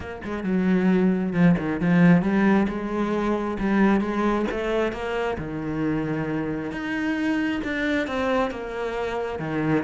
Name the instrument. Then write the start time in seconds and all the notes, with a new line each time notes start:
cello
0.00 A#3
0.24 G#3
0.43 F#3
1.32 F3
1.58 D#3
1.80 F3
2.22 G3
2.68 G#3
3.59 G3
4.01 G#3
4.51 A3
4.92 A#3
5.38 D#3
6.71 D#4
7.63 D4
8.07 C4
8.50 A#3
9.39 D#3